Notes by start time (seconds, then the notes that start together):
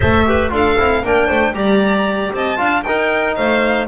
0.00 A3 A4 C5 E5
0.26 G4 B4
0.49 D4 F4 A4
0.55 F5
0.78 C4 E4
1.02 A#3 D4 A#4 G5
1.27 A3 C5
1.53 G3 G4 D5 A#5
2.32 C4 D#5 A5
2.56 D4 F4 F5
2.82 D#4 A#4 G5
3.35 A3 C5 F5